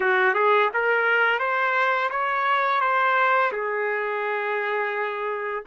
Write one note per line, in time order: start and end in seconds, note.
0.00 0.34 F#4
0.34 0.69 G#4
0.73 1.39 A#4
1.39 2.09 C5
2.10 2.80 C#5
2.80 3.51 C5
3.52 5.63 G#4